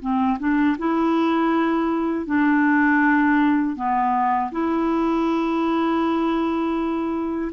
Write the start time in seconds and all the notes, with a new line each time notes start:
0.00 C4
0.39 D4
0.78 E4
2.26 D4
3.76 B3
4.51 E4